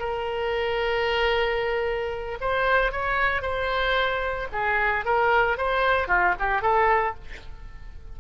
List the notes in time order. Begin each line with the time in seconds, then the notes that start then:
0.00 A#4
2.41 C5
2.93 C#5
3.42 C5
4.53 G#4
5.06 A#4
5.58 C5
6.08 F4
6.40 G4
6.62 A4